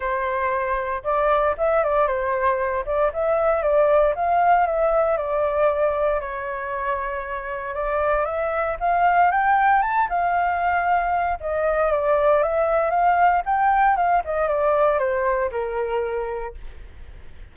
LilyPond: \new Staff \with { instrumentName = "flute" } { \time 4/4 \tempo 4 = 116 c''2 d''4 e''8 d''8 | c''4. d''8 e''4 d''4 | f''4 e''4 d''2 | cis''2. d''4 |
e''4 f''4 g''4 a''8 f''8~ | f''2 dis''4 d''4 | e''4 f''4 g''4 f''8 dis''8 | d''4 c''4 ais'2 | }